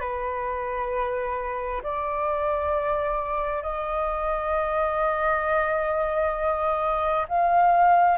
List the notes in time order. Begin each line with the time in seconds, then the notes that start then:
0.00 B4
1.83 D5
3.62 D#5
7.28 F5